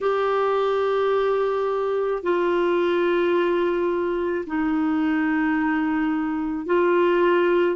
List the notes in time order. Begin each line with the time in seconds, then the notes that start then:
0.01 G4
2.22 F4
4.46 D#4
6.66 F4